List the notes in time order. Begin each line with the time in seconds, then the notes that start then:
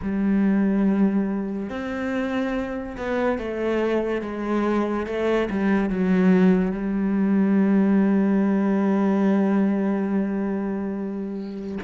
0.02 G3
1.69 C4
2.97 B3
3.38 A3
4.21 G#3
5.06 A3
5.49 G3
5.89 F#3
6.71 G3